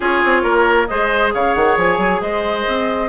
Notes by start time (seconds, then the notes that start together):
0.00 C#4 F4 G#4 C#5
0.24 C4
0.42 A#3 A#4
0.87 G#3 G#4 C5 D#5
1.34 C#3 C#5 F5
1.54 D#3 F#5
1.77 F3 G#5
1.97 F#3
2.21 G#3 C5 D#5
2.67 C4